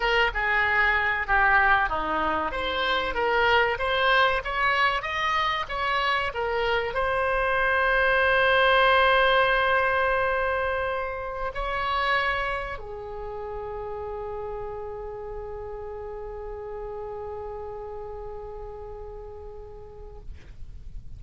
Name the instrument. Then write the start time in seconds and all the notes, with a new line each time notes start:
oboe
0.00 A#4
0.34 G#4
1.27 G4
1.89 D#4
2.51 C5
3.14 A#4
3.78 C5
4.44 C#5
5.02 D#5
5.68 C#5
6.34 A#4
6.94 C5
11.54 C#5
12.78 G#4